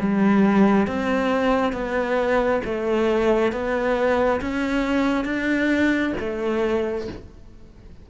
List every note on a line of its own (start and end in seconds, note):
0.00 0.87 G3
0.87 1.73 C4
1.73 2.61 B3
2.65 3.53 A3
3.53 4.41 B3
4.41 5.25 C#4
5.25 6.13 D4
6.20 7.08 A3